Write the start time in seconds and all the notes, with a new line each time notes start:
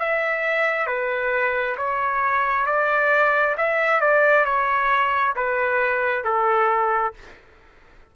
0.00 E5
0.87 B4
1.77 C#5
2.67 D5
3.58 E5
4.01 D5
4.46 C#5
5.36 B4
6.25 A4